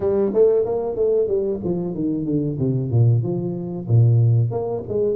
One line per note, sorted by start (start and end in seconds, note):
0.00 0.32 G3
0.33 0.65 A3
0.65 0.95 A#3
0.95 1.27 A3
1.27 1.60 G3
1.64 1.94 F3
1.94 2.25 D#3
2.25 2.57 D3
2.58 2.90 C3
2.90 3.22 A#2
3.22 3.87 F3
3.87 4.50 A#2
4.50 4.83 A#3
4.88 5.15 G#3